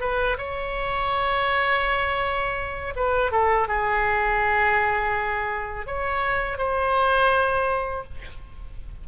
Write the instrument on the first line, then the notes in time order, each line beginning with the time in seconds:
oboe
0.00 B4
0.38 C#5
2.95 B4
3.31 A4
3.68 G#4
5.86 C#5
6.57 C5